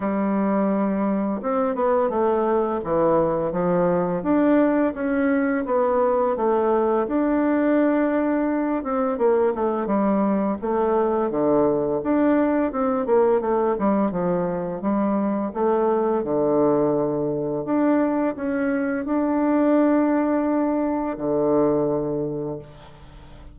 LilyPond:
\new Staff \with { instrumentName = "bassoon" } { \time 4/4 \tempo 4 = 85 g2 c'8 b8 a4 | e4 f4 d'4 cis'4 | b4 a4 d'2~ | d'8 c'8 ais8 a8 g4 a4 |
d4 d'4 c'8 ais8 a8 g8 | f4 g4 a4 d4~ | d4 d'4 cis'4 d'4~ | d'2 d2 | }